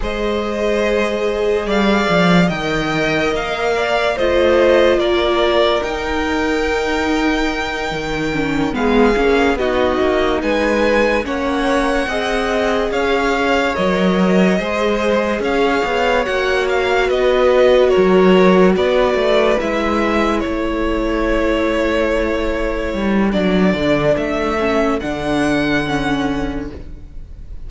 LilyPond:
<<
  \new Staff \with { instrumentName = "violin" } { \time 4/4 \tempo 4 = 72 dis''2 f''4 g''4 | f''4 dis''4 d''4 g''4~ | g''2~ g''8 f''4 dis''8~ | dis''8 gis''4 fis''2 f''8~ |
f''8 dis''2 f''4 fis''8 | f''8 dis''4 cis''4 d''4 e''8~ | e''8 cis''2.~ cis''8 | d''4 e''4 fis''2 | }
  \new Staff \with { instrumentName = "violin" } { \time 4/4 c''2 d''4 dis''4~ | dis''8 d''8 c''4 ais'2~ | ais'2~ ais'8 gis'4 fis'8~ | fis'8 b'4 cis''4 dis''4 cis''8~ |
cis''4. c''4 cis''4.~ | cis''8 b'4 ais'4 b'4.~ | b'8 a'2.~ a'8~ | a'1 | }
  \new Staff \with { instrumentName = "viola" } { \time 4/4 gis'2. ais'4~ | ais'4 f'2 dis'4~ | dis'2 cis'8 b8 cis'8 dis'8~ | dis'4. cis'4 gis'4.~ |
gis'8 ais'4 gis'2 fis'8~ | fis'2.~ fis'8 e'8~ | e'1 | d'4. cis'8 d'4 cis'4 | }
  \new Staff \with { instrumentName = "cello" } { \time 4/4 gis2 g8 f8 dis4 | ais4 a4 ais4 dis'4~ | dis'4. dis4 gis8 ais8 b8 | ais8 gis4 ais4 c'4 cis'8~ |
cis'8 fis4 gis4 cis'8 b8 ais8~ | ais8 b4 fis4 b8 a8 gis8~ | gis8 a2. g8 | fis8 d8 a4 d2 | }
>>